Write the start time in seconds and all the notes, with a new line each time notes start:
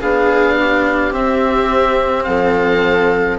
0.00 B3 D4 G#4 F5
0.60 G4
1.12 C4 E5
2.24 F3 A4 F5